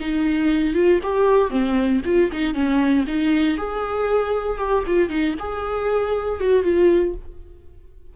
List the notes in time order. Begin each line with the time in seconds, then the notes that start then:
0.00 D#4
0.74 F4
1.03 G4
1.50 C4
2.05 F4
2.32 D#4
2.54 C#4
3.07 D#4
3.57 G#4
4.58 G4
4.86 F4
5.09 D#4
5.39 G#4
6.40 F#4
6.63 F4